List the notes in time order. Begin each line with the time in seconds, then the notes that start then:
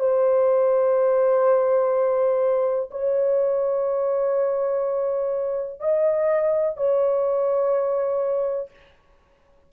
0.00 C5
2.91 C#5
5.80 D#5
6.77 C#5